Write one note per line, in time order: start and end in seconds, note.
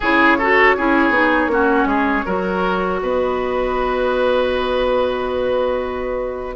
0.00 0.76 C#3
0.00 0.39 E4
0.00 0.37 G#4
0.00 2.99 C#5
0.38 0.77 F#4
0.38 0.76 A4
0.76 1.09 C#4
0.76 1.12 E4
0.76 1.51 G#4
1.09 1.47 B3
1.09 1.50 D#4
1.47 1.84 A#3
1.47 2.25 C#4
1.47 1.88 F#4
1.85 2.23 G#3
1.85 2.25 G#4
2.25 3.01 F#3
2.25 6.56 F#4
2.25 3.00 A#4
2.99 6.56 B3
2.99 6.56 B4
2.99 6.56 D#5